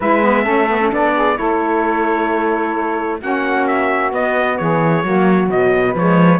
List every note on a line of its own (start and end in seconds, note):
0.00 0.46 G#3
0.00 0.22 E4
0.00 0.42 B4
0.00 0.92 E5
0.22 0.44 B3
0.42 0.91 A3
0.42 0.67 C#4
0.42 1.11 A4
0.69 0.80 B3
0.80 0.90 C#4
0.90 1.38 B3
0.90 1.34 D4
0.90 1.37 D5
1.15 1.38 G#4
1.34 3.21 A3
1.34 3.18 E4
1.34 3.20 A4
1.34 3.21 C#5
3.20 4.12 A#3
3.20 4.10 C#4
3.20 4.57 F#4
3.20 3.66 F#5
3.66 4.12 E5
4.10 5.02 B3
4.10 4.58 B3
4.10 4.57 D#5
4.57 5.03 E3
4.57 5.04 G#4
4.57 5.49 C#5
5.03 5.49 F#3
5.03 5.49 A#3
5.03 5.84 F#4
5.49 5.94 B2
5.49 5.94 F#3
5.49 5.96 D#5
5.85 6.40 B4
5.94 6.40 F3
5.94 6.40 G#3
5.94 6.40 C#5